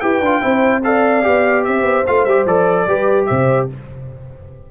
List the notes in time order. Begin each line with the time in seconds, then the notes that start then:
0.00 E4 G4 B4 G5
0.21 D4 F4
0.41 C4 E4 C5
0.84 A4 D5 F5
1.23 B3 G4
1.64 C4 C5 E5
1.82 B3
2.07 A3 F4 F5
2.25 G3 G4 E5
2.46 F3 A4 D5
2.87 G3 G4 B4
3.26 C3 C5 E5